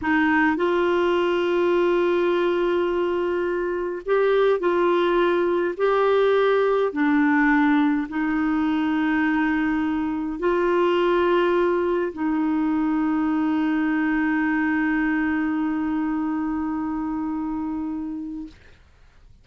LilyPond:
\new Staff \with { instrumentName = "clarinet" } { \time 4/4 \tempo 4 = 104 dis'4 f'2.~ | f'2. g'4 | f'2 g'2 | d'2 dis'2~ |
dis'2 f'2~ | f'4 dis'2.~ | dis'1~ | dis'1 | }